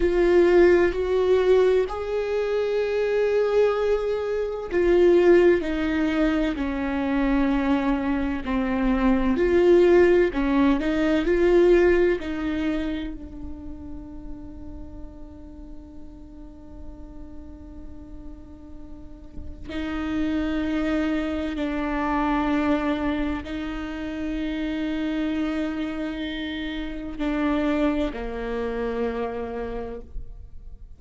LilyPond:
\new Staff \with { instrumentName = "viola" } { \time 4/4 \tempo 4 = 64 f'4 fis'4 gis'2~ | gis'4 f'4 dis'4 cis'4~ | cis'4 c'4 f'4 cis'8 dis'8 | f'4 dis'4 d'2~ |
d'1~ | d'4 dis'2 d'4~ | d'4 dis'2.~ | dis'4 d'4 ais2 | }